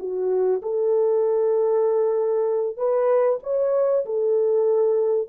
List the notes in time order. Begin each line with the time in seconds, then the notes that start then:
0.00 F#4
0.63 A4
2.78 B4
3.44 C#5
4.06 A4